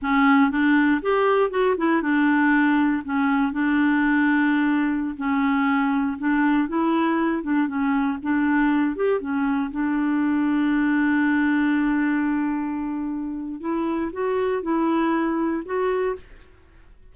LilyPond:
\new Staff \with { instrumentName = "clarinet" } { \time 4/4 \tempo 4 = 119 cis'4 d'4 g'4 fis'8 e'8 | d'2 cis'4 d'4~ | d'2~ d'16 cis'4.~ cis'16~ | cis'16 d'4 e'4. d'8 cis'8.~ |
cis'16 d'4. g'8 cis'4 d'8.~ | d'1~ | d'2. e'4 | fis'4 e'2 fis'4 | }